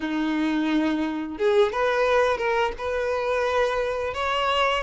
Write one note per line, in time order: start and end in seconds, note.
0.00 1.38 D#4
1.38 1.72 G#4
1.72 2.37 B4
2.37 2.71 A#4
2.77 4.14 B4
4.14 4.83 C#5